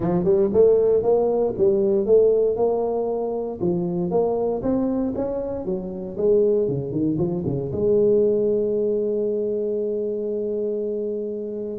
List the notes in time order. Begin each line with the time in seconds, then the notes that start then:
0.00 F3
0.24 G3
0.53 A3
1.02 A#3
1.57 G3
2.06 A3
2.56 A#3
3.61 F3
4.10 A#3
4.62 C4
5.15 C#4
5.65 F#3
6.17 G#3
6.68 C#3
6.91 D#3
7.18 F3
7.45 C#3
7.72 G#3